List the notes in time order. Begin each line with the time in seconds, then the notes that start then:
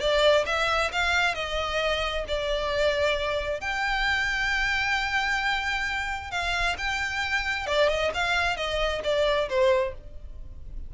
0.00 D5
0.46 E5
0.92 F5
1.35 D#5
2.28 D5
3.60 G5
6.31 F5
6.78 G5
7.67 D5
7.89 D#5
8.14 F5
8.57 D#5
9.03 D5
9.49 C5